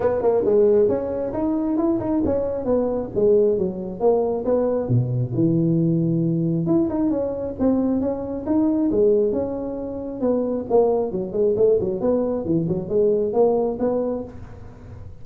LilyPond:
\new Staff \with { instrumentName = "tuba" } { \time 4/4 \tempo 4 = 135 b8 ais8 gis4 cis'4 dis'4 | e'8 dis'8 cis'4 b4 gis4 | fis4 ais4 b4 b,4 | e2. e'8 dis'8 |
cis'4 c'4 cis'4 dis'4 | gis4 cis'2 b4 | ais4 fis8 gis8 a8 fis8 b4 | e8 fis8 gis4 ais4 b4 | }